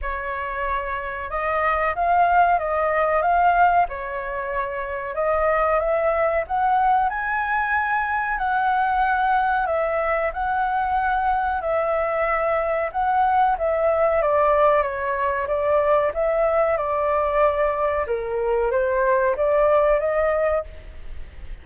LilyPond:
\new Staff \with { instrumentName = "flute" } { \time 4/4 \tempo 4 = 93 cis''2 dis''4 f''4 | dis''4 f''4 cis''2 | dis''4 e''4 fis''4 gis''4~ | gis''4 fis''2 e''4 |
fis''2 e''2 | fis''4 e''4 d''4 cis''4 | d''4 e''4 d''2 | ais'4 c''4 d''4 dis''4 | }